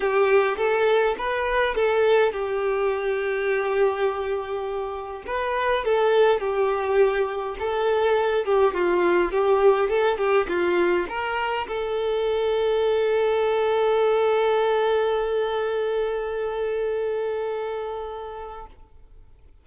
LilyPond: \new Staff \with { instrumentName = "violin" } { \time 4/4 \tempo 4 = 103 g'4 a'4 b'4 a'4 | g'1~ | g'4 b'4 a'4 g'4~ | g'4 a'4. g'8 f'4 |
g'4 a'8 g'8 f'4 ais'4 | a'1~ | a'1~ | a'1 | }